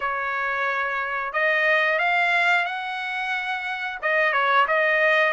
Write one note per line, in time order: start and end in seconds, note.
0.00 1.32 C#5
1.32 1.98 D#5
1.98 2.65 F5
2.65 3.98 F#5
4.02 4.32 D#5
4.32 4.66 C#5
4.67 5.33 D#5